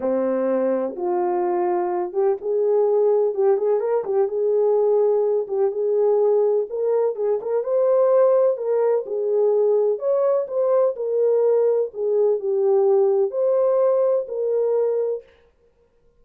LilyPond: \new Staff \with { instrumentName = "horn" } { \time 4/4 \tempo 4 = 126 c'2 f'2~ | f'8 g'8 gis'2 g'8 gis'8 | ais'8 g'8 gis'2~ gis'8 g'8 | gis'2 ais'4 gis'8 ais'8 |
c''2 ais'4 gis'4~ | gis'4 cis''4 c''4 ais'4~ | ais'4 gis'4 g'2 | c''2 ais'2 | }